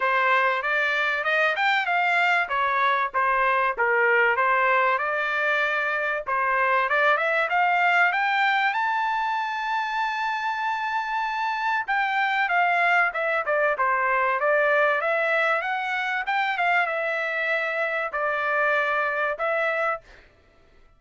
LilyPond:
\new Staff \with { instrumentName = "trumpet" } { \time 4/4 \tempo 4 = 96 c''4 d''4 dis''8 g''8 f''4 | cis''4 c''4 ais'4 c''4 | d''2 c''4 d''8 e''8 | f''4 g''4 a''2~ |
a''2. g''4 | f''4 e''8 d''8 c''4 d''4 | e''4 fis''4 g''8 f''8 e''4~ | e''4 d''2 e''4 | }